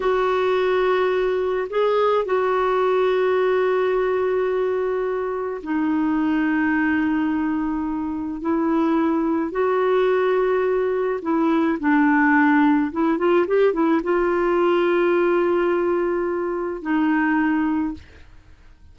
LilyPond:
\new Staff \with { instrumentName = "clarinet" } { \time 4/4 \tempo 4 = 107 fis'2. gis'4 | fis'1~ | fis'2 dis'2~ | dis'2. e'4~ |
e'4 fis'2. | e'4 d'2 e'8 f'8 | g'8 e'8 f'2.~ | f'2 dis'2 | }